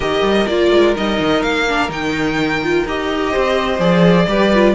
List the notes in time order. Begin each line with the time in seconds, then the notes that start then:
0.00 D#3 G4 A#4 D#5
0.22 G3
0.47 A#3 F4 D5
0.71 G#3
0.96 G3 D#4 D#5
1.19 D#3
1.42 A#3 F5
1.68 D4
1.88 D#3 D#4 G5
2.63 F4
2.85 D#4 G4 D#5
3.30 C4 C5
3.78 F3 G#4 D5
4.27 G3 G4 B4
4.53 F4